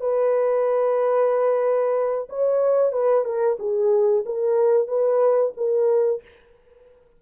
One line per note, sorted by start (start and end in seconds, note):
0.00 2.28 B4
2.29 2.92 C#5
2.92 3.24 B4
3.24 3.57 A#4
3.59 4.24 G#4
4.25 4.87 A#4
4.87 5.53 B4
5.56 6.22 A#4